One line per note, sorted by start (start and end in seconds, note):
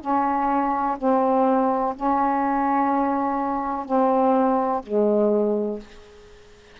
0.00 0.97 C#4
0.98 1.95 C4
1.96 3.85 C#4
3.85 4.82 C4
4.83 5.80 G#3